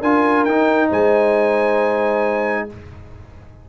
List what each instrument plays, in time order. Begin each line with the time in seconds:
0.00 tuba D4, trombone F4, horn A#4, trumpet G#5
0.45 tuba D#4, trombone D#4, trumpet G5
0.90 tuba G#3, horn C5, trumpet G#5